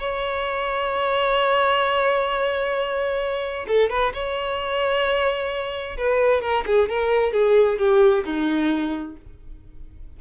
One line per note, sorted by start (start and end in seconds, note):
0.00 3.66 C#5
3.68 3.90 A4
3.90 4.13 B4
4.14 5.97 C#5
5.98 6.41 B4
6.41 6.64 A#4
6.67 6.89 G#4
6.89 7.33 A#4
7.33 7.79 G#4
7.79 8.24 G4
8.25 9.17 D#4